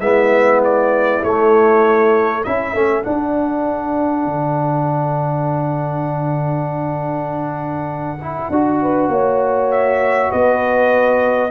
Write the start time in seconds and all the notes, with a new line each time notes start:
0.00 G#3 B3 E4 E5
0.65 D5
1.24 A3 C#5
2.43 C#4 E4 A4 E5
2.74 A3 C#4
3.04 D4 F#5
4.26 D3
8.22 E4
8.50 D4 F#4
8.82 B4
9.08 A#3 C#5
9.71 E5
10.30 B3 B4 D#5